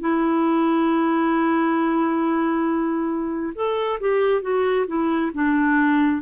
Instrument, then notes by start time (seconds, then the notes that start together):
clarinet
0.00 E4
3.55 A4
3.99 G4
4.42 F#4
4.87 E4
5.33 D4